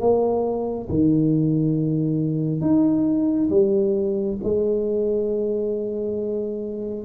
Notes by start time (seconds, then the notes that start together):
0.00 A#3
0.89 D#3
2.61 D#4
3.50 G3
4.43 G#3